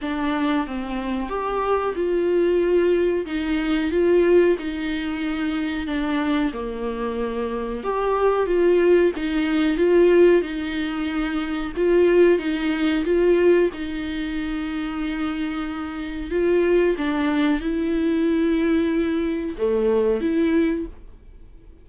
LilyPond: \new Staff \with { instrumentName = "viola" } { \time 4/4 \tempo 4 = 92 d'4 c'4 g'4 f'4~ | f'4 dis'4 f'4 dis'4~ | dis'4 d'4 ais2 | g'4 f'4 dis'4 f'4 |
dis'2 f'4 dis'4 | f'4 dis'2.~ | dis'4 f'4 d'4 e'4~ | e'2 a4 e'4 | }